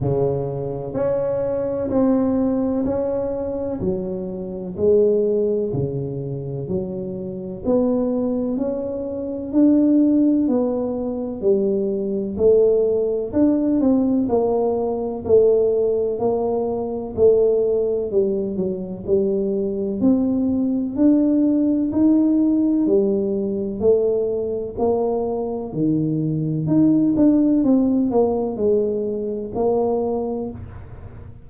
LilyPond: \new Staff \with { instrumentName = "tuba" } { \time 4/4 \tempo 4 = 63 cis4 cis'4 c'4 cis'4 | fis4 gis4 cis4 fis4 | b4 cis'4 d'4 b4 | g4 a4 d'8 c'8 ais4 |
a4 ais4 a4 g8 fis8 | g4 c'4 d'4 dis'4 | g4 a4 ais4 dis4 | dis'8 d'8 c'8 ais8 gis4 ais4 | }